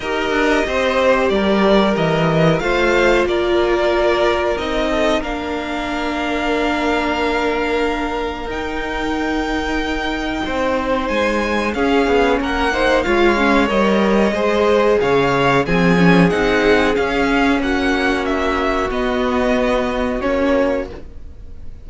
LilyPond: <<
  \new Staff \with { instrumentName = "violin" } { \time 4/4 \tempo 4 = 92 dis''2 d''4 dis''4 | f''4 d''2 dis''4 | f''1~ | f''4 g''2.~ |
g''4 gis''4 f''4 fis''4 | f''4 dis''2 f''4 | gis''4 fis''4 f''4 fis''4 | e''4 dis''2 cis''4 | }
  \new Staff \with { instrumentName = "violin" } { \time 4/4 ais'4 c''4 ais'2 | c''4 ais'2~ ais'8 a'8 | ais'1~ | ais'1 |
c''2 gis'4 ais'8 c''8 | cis''2 c''4 cis''4 | gis'2. fis'4~ | fis'1 | }
  \new Staff \with { instrumentName = "viola" } { \time 4/4 g'1 | f'2. dis'4 | d'1~ | d'4 dis'2.~ |
dis'2 cis'4. dis'8 | f'8 cis'8 ais'4 gis'2 | c'8 cis'8 dis'4 cis'2~ | cis'4 b2 cis'4 | }
  \new Staff \with { instrumentName = "cello" } { \time 4/4 dis'8 d'8 c'4 g4 e4 | a4 ais2 c'4 | ais1~ | ais4 dis'2. |
c'4 gis4 cis'8 b8 ais4 | gis4 g4 gis4 cis4 | f4 c'4 cis'4 ais4~ | ais4 b2 ais4 | }
>>